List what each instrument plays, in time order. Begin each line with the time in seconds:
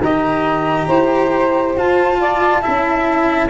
0.00 tuba D#3, cello G4, saxophone D#5, flute A#5
0.88 tuba E4, saxophone C5
1.77 tuba F4, cello F4, flute A5
2.20 saxophone D5
2.62 tuba C#4, cello E4, saxophone E5